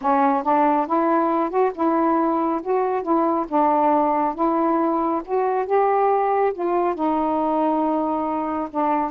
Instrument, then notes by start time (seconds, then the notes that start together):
saxophone
0.01 C#4
0.43 D4
0.87 E4
1.50 F#4
1.74 E4
2.62 F#4
3.02 E4
3.48 D4
4.35 E4
5.25 F#4
5.65 G4
6.53 F4
6.94 D#4
8.70 D4